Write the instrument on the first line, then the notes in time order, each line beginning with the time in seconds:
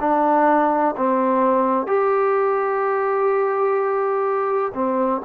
trombone
0.00 D4
0.97 C4
1.87 G4
4.74 C4